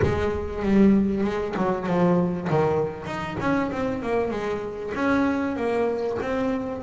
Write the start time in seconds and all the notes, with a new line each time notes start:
0.02 G#3
0.62 G3
1.23 G#3
1.56 F#3
1.86 F3
2.50 D#3
3.06 D#4
3.40 C#4
3.71 C4
4.02 A#3
4.30 G#3
4.94 C#4
5.56 A#3
6.22 C4